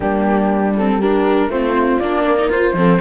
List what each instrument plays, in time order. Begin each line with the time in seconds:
0.00 cello G3, viola A#3, horn D4, flute G4
0.76 viola C4, flute A4
0.99 viola D4, horn G4, flute A#4
1.47 cello A3, viola C4, horn F4, flute C5
1.99 cello A#3, viola D4, flute D5
2.26 horn A#4
2.38 viola D#4
2.49 cello F4, viola F4, flute C5
2.73 cello F3, viola C4, horn A4